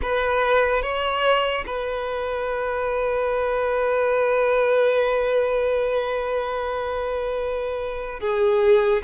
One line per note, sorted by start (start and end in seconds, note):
0.02 0.82 B4
0.82 1.64 C#5
1.66 8.20 B4
8.20 9.02 G#4